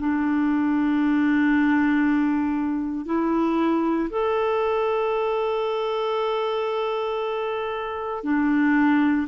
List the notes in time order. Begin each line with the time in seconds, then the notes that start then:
0.00 D4
3.06 E4
4.11 A4
8.24 D4